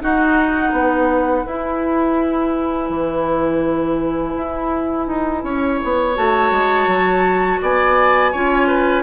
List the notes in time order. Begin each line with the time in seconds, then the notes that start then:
0.00 D#4 F#4 F#5
0.72 B3 B4
1.46 E4 G#5
2.89 E3
4.36 E4
5.07 D#4
5.43 C#4 C#5
5.83 B3
6.16 A3 F#4 A5
6.51 G#3
6.87 F#3
7.62 B3 D5 G#5
8.32 C#4 F4 C#5
8.67 B4